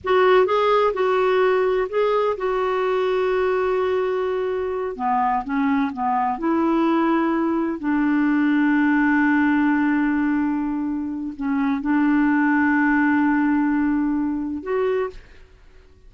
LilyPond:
\new Staff \with { instrumentName = "clarinet" } { \time 4/4 \tempo 4 = 127 fis'4 gis'4 fis'2 | gis'4 fis'2.~ | fis'2~ fis'8 b4 cis'8~ | cis'8 b4 e'2~ e'8~ |
e'8 d'2.~ d'8~ | d'1 | cis'4 d'2.~ | d'2. fis'4 | }